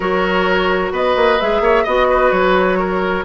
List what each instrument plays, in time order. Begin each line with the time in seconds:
0.00 bassoon F#3, clarinet F#4, oboe A#4, flute C#5
0.91 bassoon B3, oboe B4, flute D#5
1.16 bassoon A#3
1.40 bassoon G#3, clarinet G#4, flute E5
1.60 bassoon A#3, oboe C#5
1.83 bassoon B3, clarinet F#4, oboe D#5, flute D#5
2.09 oboe B4
2.31 bassoon F#3, flute C#5
2.79 oboe A#4